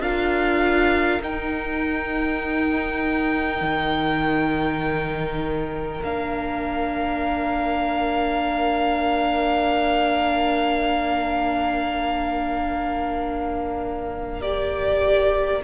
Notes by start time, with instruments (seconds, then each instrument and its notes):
0.00 cello D4, viola F4, violin A#4 F5
1.22 cello D#4, viola D#4, violin G5
3.61 cello D#3
6.03 cello A#3, viola D4, violin F5
14.42 viola G4, violin D5